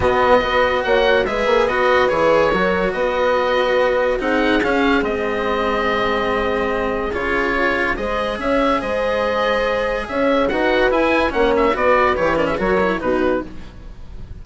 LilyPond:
<<
  \new Staff \with { instrumentName = "oboe" } { \time 4/4 \tempo 4 = 143 dis''2 fis''4 e''4 | dis''4 cis''2 dis''4~ | dis''2 fis''4 f''4 | dis''1~ |
dis''4 cis''2 dis''4 | e''4 dis''2. | e''4 fis''4 gis''4 fis''8 e''8 | d''4 cis''8 d''16 e''16 cis''4 b'4 | }
  \new Staff \with { instrumentName = "horn" } { \time 4/4 fis'4 b'4 cis''4 b'4~ | b'2 ais'4 b'4~ | b'2 gis'2~ | gis'1~ |
gis'2. c''4 | cis''4 c''2. | cis''4 b'2 cis''4 | b'4. ais'16 gis'16 ais'4 fis'4 | }
  \new Staff \with { instrumentName = "cello" } { \time 4/4 b4 fis'2 gis'4 | fis'4 gis'4 fis'2~ | fis'2 dis'4 cis'4 | c'1~ |
c'4 f'2 gis'4~ | gis'1~ | gis'4 fis'4 e'4 cis'4 | fis'4 g'8 cis'8 fis'8 e'8 dis'4 | }
  \new Staff \with { instrumentName = "bassoon" } { \time 4/4 b,4 b4 ais4 gis8 ais8 | b4 e4 fis4 b4~ | b2 c'4 cis'4 | gis1~ |
gis4 cis2 gis4 | cis'4 gis2. | cis'4 dis'4 e'4 ais4 | b4 e4 fis4 b,4 | }
>>